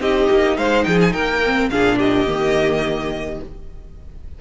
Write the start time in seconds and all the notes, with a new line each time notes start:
0.00 C4 D#4 G4 D#5
0.30 A#3
0.56 G#3 C5 F5
0.84 F3 G#4 G5
1.01 G#5
1.12 A#3 A#4 G5
1.45 C4
1.69 A#2 D4 G#4 F5
1.97 G4 D#5
2.26 D#3 A#3